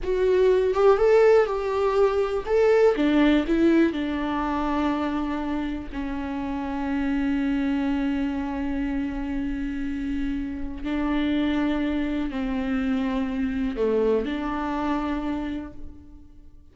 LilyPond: \new Staff \with { instrumentName = "viola" } { \time 4/4 \tempo 4 = 122 fis'4. g'8 a'4 g'4~ | g'4 a'4 d'4 e'4 | d'1 | cis'1~ |
cis'1~ | cis'2 d'2~ | d'4 c'2. | a4 d'2. | }